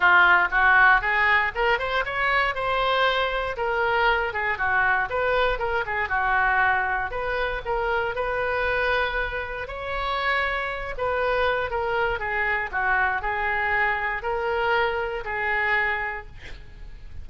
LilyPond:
\new Staff \with { instrumentName = "oboe" } { \time 4/4 \tempo 4 = 118 f'4 fis'4 gis'4 ais'8 c''8 | cis''4 c''2 ais'4~ | ais'8 gis'8 fis'4 b'4 ais'8 gis'8 | fis'2 b'4 ais'4 |
b'2. cis''4~ | cis''4. b'4. ais'4 | gis'4 fis'4 gis'2 | ais'2 gis'2 | }